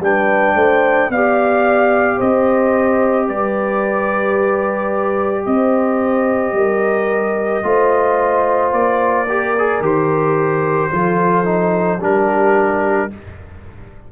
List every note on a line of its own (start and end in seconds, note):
0.00 0.55 G3
0.00 1.11 D4
0.00 0.55 B4
0.00 1.11 G5
0.55 1.09 A3
0.55 1.09 C5
1.09 2.18 B3
1.09 7.63 G4
1.09 2.17 D5
1.09 2.20 F5
2.17 3.29 C4
2.17 3.26 C5
2.17 3.28 D#5
3.26 5.46 G3
3.26 5.44 B4
3.26 5.46 D5
5.46 6.52 C4
5.46 6.56 C5
5.46 8.73 D#5
6.52 7.61 G3
6.52 7.65 A#4
7.63 8.72 A3
7.63 9.26 F4
7.63 9.28 C5
8.72 9.80 A#3
8.72 9.82 D5
9.28 9.56 G4
9.28 10.92 A#4
9.58 9.82 G#4
9.80 10.89 D#3
9.80 10.91 G4
9.80 12.02 C5
10.91 11.99 F3
10.91 11.44 F4
10.91 12.00 A4
11.44 11.99 D#4
11.99 13.08 G3
11.99 13.10 D4
11.99 13.09 G4
11.99 13.12 A#4